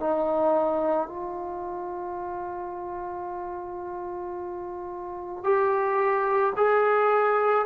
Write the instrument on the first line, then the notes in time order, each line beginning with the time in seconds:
trombone
0.00 D#4
1.08 F4
5.44 G4
6.57 G#4